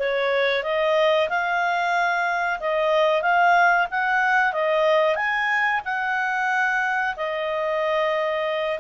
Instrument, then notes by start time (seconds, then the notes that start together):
clarinet
0.00 C#5
0.64 D#5
1.30 F5
2.60 D#5
3.23 F5
3.92 F#5
4.53 D#5
5.16 G#5
5.85 F#5
7.17 D#5